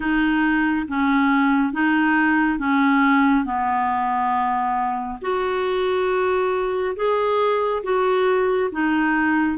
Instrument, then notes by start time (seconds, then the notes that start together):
clarinet
0.00 D#4
0.87 C#4
1.72 D#4
2.58 C#4
3.45 B3
5.21 F#4
6.96 G#4
7.83 F#4
8.71 D#4